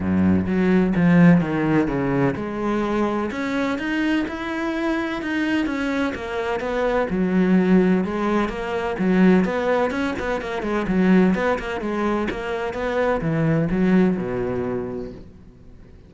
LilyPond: \new Staff \with { instrumentName = "cello" } { \time 4/4 \tempo 4 = 127 fis,4 fis4 f4 dis4 | cis4 gis2 cis'4 | dis'4 e'2 dis'4 | cis'4 ais4 b4 fis4~ |
fis4 gis4 ais4 fis4 | b4 cis'8 b8 ais8 gis8 fis4 | b8 ais8 gis4 ais4 b4 | e4 fis4 b,2 | }